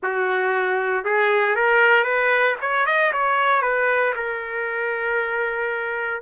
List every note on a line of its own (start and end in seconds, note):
0.02 1.04 F#4
1.04 1.55 G#4
1.55 2.04 A#4
2.04 2.55 B4
2.61 2.85 C#5
2.85 3.11 D#5
3.12 3.62 C#5
3.62 4.13 B4
4.15 6.21 A#4